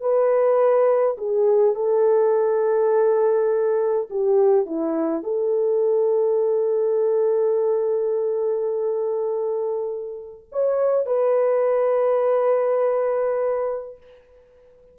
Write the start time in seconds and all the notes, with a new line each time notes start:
0.00 B4
1.17 G#4
1.75 A4
4.10 G4
4.66 E4
5.23 A4
10.51 C#5
11.05 B4